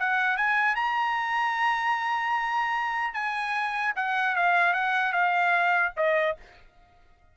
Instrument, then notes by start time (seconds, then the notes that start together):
trumpet
0.00 F#5
0.37 G#5
0.76 A#5
3.14 G#5
3.96 F#5
4.36 F5
4.74 F#5
5.13 F5
5.97 D#5